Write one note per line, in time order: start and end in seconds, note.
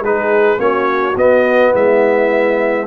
0.00 0.57 G#3
0.00 0.58 D#4
0.00 0.59 G#4
0.00 0.60 B4
0.58 1.15 A#3
0.58 1.15 C#4
0.58 1.72 F#4
0.58 1.16 C#5
1.16 1.73 B3
1.16 2.86 B3
1.16 1.75 D#5
1.72 2.86 G#3
1.72 2.85 E4
1.72 2.86 E5